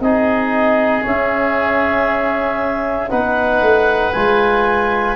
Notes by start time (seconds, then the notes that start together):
0.00 C4 D#4 G#4 D#5
1.02 C#4 E5
3.10 B3 D#4 B4 F#5
3.61 A3
4.13 G#3 F4 G#5